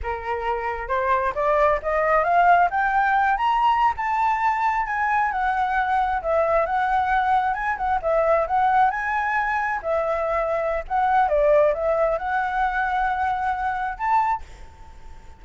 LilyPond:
\new Staff \with { instrumentName = "flute" } { \time 4/4 \tempo 4 = 133 ais'2 c''4 d''4 | dis''4 f''4 g''4. ais''8~ | ais''8. a''2 gis''4 fis''16~ | fis''4.~ fis''16 e''4 fis''4~ fis''16~ |
fis''8. gis''8 fis''8 e''4 fis''4 gis''16~ | gis''4.~ gis''16 e''2~ e''16 | fis''4 d''4 e''4 fis''4~ | fis''2. a''4 | }